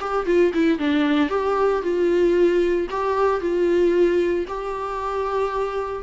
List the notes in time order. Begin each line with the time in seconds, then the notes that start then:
0.00 G4
0.26 F4
0.54 E4
0.78 D4
1.29 G4
1.82 F4
2.90 G4
3.41 F4
4.48 G4